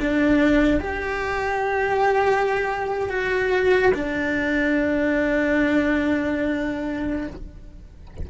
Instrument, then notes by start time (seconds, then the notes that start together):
cello
0.00 D4
0.80 G4
3.09 F#4
3.94 D4